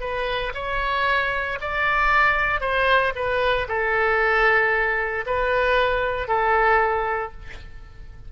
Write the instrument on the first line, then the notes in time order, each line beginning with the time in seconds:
oboe
0.00 B4
0.54 C#5
1.61 D5
2.61 C5
3.15 B4
3.68 A4
5.26 B4
6.28 A4